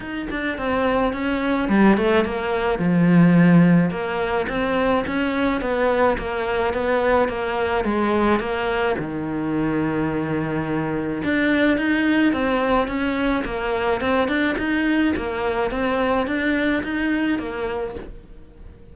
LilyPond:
\new Staff \with { instrumentName = "cello" } { \time 4/4 \tempo 4 = 107 dis'8 d'8 c'4 cis'4 g8 a8 | ais4 f2 ais4 | c'4 cis'4 b4 ais4 | b4 ais4 gis4 ais4 |
dis1 | d'4 dis'4 c'4 cis'4 | ais4 c'8 d'8 dis'4 ais4 | c'4 d'4 dis'4 ais4 | }